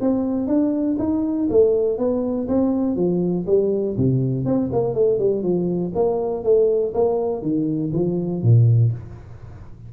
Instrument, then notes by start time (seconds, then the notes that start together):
tuba
0.00 C4
0.47 D4
0.98 D#4
1.50 A3
1.98 B3
2.48 C4
2.95 F3
3.46 G3
3.97 C3
4.45 C4
4.72 A#3
4.94 A3
5.18 G3
5.42 F3
5.95 A#3
6.43 A3
6.94 A#3
7.42 D#3
7.92 F3
8.42 A#2